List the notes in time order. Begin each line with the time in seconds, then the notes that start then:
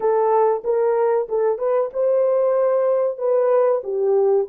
0.00 A4
0.64 A#4
1.29 A4
1.58 B4
1.93 C5
3.17 B4
3.83 G4